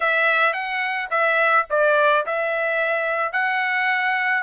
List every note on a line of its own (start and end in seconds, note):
0.00 0.53 E5
0.53 1.08 F#5
1.10 1.65 E5
1.70 2.25 D5
2.26 3.32 E5
3.32 4.43 F#5